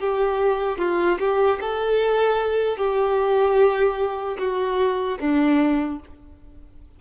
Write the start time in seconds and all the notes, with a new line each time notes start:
0.00 G4
0.79 F4
1.20 G4
1.61 A4
2.77 G4
4.39 F#4
5.20 D4